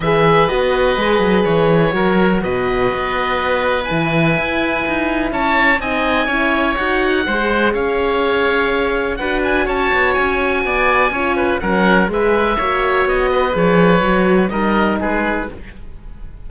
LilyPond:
<<
  \new Staff \with { instrumentName = "oboe" } { \time 4/4 \tempo 4 = 124 e''4 dis''2 cis''4~ | cis''4 dis''2. | gis''2. a''4 | gis''2 fis''2 |
f''2. fis''8 gis''8 | a''4 gis''2. | fis''4 e''2 dis''4 | cis''2 dis''4 b'4 | }
  \new Staff \with { instrumentName = "oboe" } { \time 4/4 b'1 | ais'4 b'2.~ | b'2. cis''4 | dis''4 cis''2 c''4 |
cis''2. b'4 | cis''2 d''4 cis''8 b'8 | ais'4 b'4 cis''4. b'8~ | b'2 ais'4 gis'4 | }
  \new Staff \with { instrumentName = "horn" } { \time 4/4 gis'4 fis'4 gis'2 | fis'1 | e'1 | dis'4 e'4 fis'4 gis'4~ |
gis'2. fis'4~ | fis'2. f'4 | cis'4 gis'4 fis'2 | gis'4 fis'4 dis'2 | }
  \new Staff \with { instrumentName = "cello" } { \time 4/4 e4 b4 gis8 fis8 e4 | fis4 b,4 b2 | e4 e'4 dis'4 cis'4 | c'4 cis'4 dis'4 gis4 |
cis'2. d'4 | cis'8 b8 cis'4 b4 cis'4 | fis4 gis4 ais4 b4 | f4 fis4 g4 gis4 | }
>>